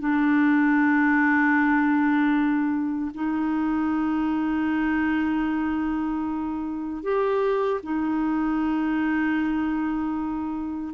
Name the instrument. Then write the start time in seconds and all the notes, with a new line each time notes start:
clarinet
0.00 D4
3.15 D#4
7.03 G4
7.83 D#4